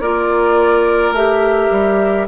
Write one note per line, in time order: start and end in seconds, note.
0.00 1.11 A#3
0.00 1.15 F4
0.00 2.28 A#4
0.00 1.13 D5
1.11 1.68 A3
1.11 2.28 G4
1.11 2.27 E5
1.71 2.28 G3